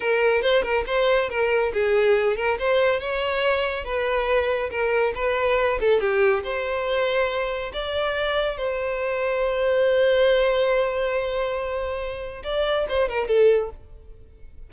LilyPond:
\new Staff \with { instrumentName = "violin" } { \time 4/4 \tempo 4 = 140 ais'4 c''8 ais'8 c''4 ais'4 | gis'4. ais'8 c''4 cis''4~ | cis''4 b'2 ais'4 | b'4. a'8 g'4 c''4~ |
c''2 d''2 | c''1~ | c''1~ | c''4 d''4 c''8 ais'8 a'4 | }